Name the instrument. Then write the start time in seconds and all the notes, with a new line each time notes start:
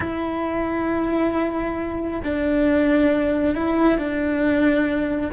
cello
0.00 E4
2.24 D4
3.54 E4
3.98 D4